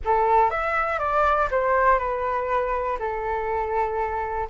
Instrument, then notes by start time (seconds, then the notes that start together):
flute
0.04 A4
0.50 E5
0.99 D5
1.50 C5
1.98 B4
2.99 A4